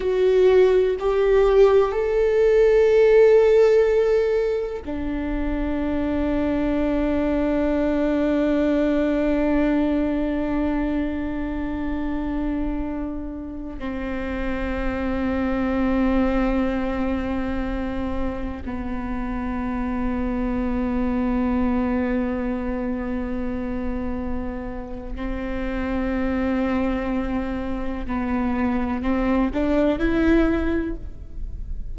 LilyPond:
\new Staff \with { instrumentName = "viola" } { \time 4/4 \tempo 4 = 62 fis'4 g'4 a'2~ | a'4 d'2.~ | d'1~ | d'2~ d'16 c'4.~ c'16~ |
c'2.~ c'16 b8.~ | b1~ | b2 c'2~ | c'4 b4 c'8 d'8 e'4 | }